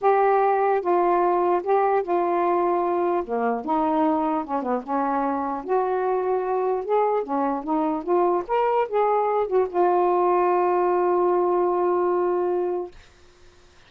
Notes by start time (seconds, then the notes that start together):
0.01 G4
0.81 F4
1.63 G4
2.02 F4
3.24 A#3
3.64 D#4
4.44 C#4
4.62 B3
4.83 C#4
5.64 F#4
6.85 G#4
7.23 C#4
7.63 D#4
8.03 F4
8.47 A#4
8.88 G#4
9.47 F#4
9.69 F4